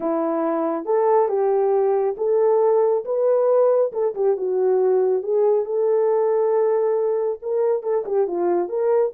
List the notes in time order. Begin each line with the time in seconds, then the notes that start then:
0.00 E4
0.85 A4
1.28 G4
2.17 A4
3.05 B4
3.92 A4
4.14 G4
4.36 F#4
5.22 G#4
5.65 A4
7.42 A#4
7.82 A4
8.05 G4
8.27 F4
8.68 A#4